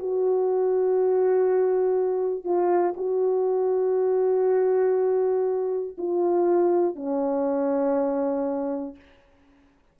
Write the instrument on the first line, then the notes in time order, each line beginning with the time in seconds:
horn
0.00 F#4
2.45 F4
2.97 F#4
5.98 F4
6.96 C#4